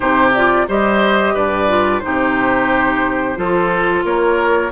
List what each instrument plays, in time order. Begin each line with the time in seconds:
0.00 bassoon C3, clarinet D#4, oboe G4, flute C5
0.34 clarinet F4, flute D5
0.67 bassoon G3, clarinet G4, oboe C5, flute D#5
1.33 bassoon G2, oboe B4, flute D5
1.68 clarinet F4
1.99 bassoon C3, clarinet D#4, oboe G4, flute C5
3.35 bassoon F3, clarinet F4, oboe A4
4.04 bassoon A#3, oboe A#4, flute C#5